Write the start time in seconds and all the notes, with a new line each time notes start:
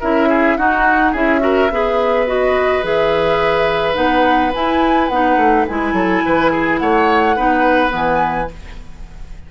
0.00 C#4 E4 A#4 E5
0.29 G#4
0.57 D#4 F#4 F#5
1.12 C#4 E4 G#4 E5
1.40 F#4 A#4
1.70 B3 G#4 B4
2.27 F#4 D#5
2.83 E3 G#4 E5
3.94 B3 D#4 F#5
4.54 E4 G#5
5.08 B3 D#4 F#5
5.37 A3
5.68 G#3 E4 G#5
5.93 F#3 A4
6.26 E3 B4
6.52 G#4
6.78 A3 C#5 F#5
7.36 B3 D#4 B4
7.89 E3 B3 G#5